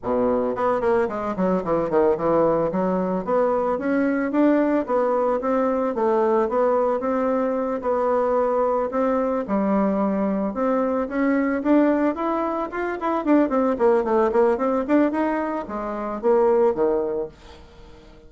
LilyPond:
\new Staff \with { instrumentName = "bassoon" } { \time 4/4 \tempo 4 = 111 b,4 b8 ais8 gis8 fis8 e8 dis8 | e4 fis4 b4 cis'4 | d'4 b4 c'4 a4 | b4 c'4. b4.~ |
b8 c'4 g2 c'8~ | c'8 cis'4 d'4 e'4 f'8 | e'8 d'8 c'8 ais8 a8 ais8 c'8 d'8 | dis'4 gis4 ais4 dis4 | }